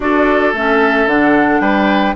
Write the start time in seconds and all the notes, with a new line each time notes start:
0.00 D4 F#4 A4 D5
0.52 A3 C#4 E5
1.06 D3 D4 F#5
1.59 G3 B4 G5